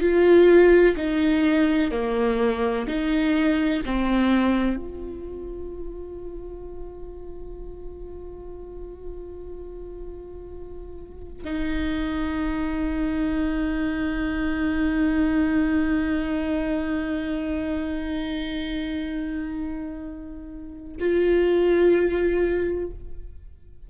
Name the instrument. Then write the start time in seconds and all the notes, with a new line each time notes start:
viola
0.00 F4
0.96 D#4
1.91 A#3
2.87 D#4
3.86 C4
4.76 F4
11.45 D#4
21.00 F4